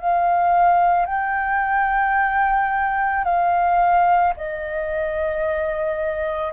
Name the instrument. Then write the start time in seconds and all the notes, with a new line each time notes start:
flute
0.00 F5
1.06 G5
3.25 F5
4.37 D#5